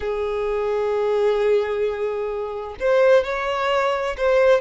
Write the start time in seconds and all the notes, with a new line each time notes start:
0.00 G#4
2.80 C5
3.24 C#5
4.17 C5